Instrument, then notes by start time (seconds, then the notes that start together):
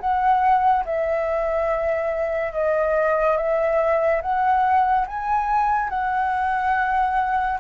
flute
0.00 F#5
0.85 E5
2.53 D#5
3.37 E5
4.22 F#5
5.07 G#5
5.90 F#5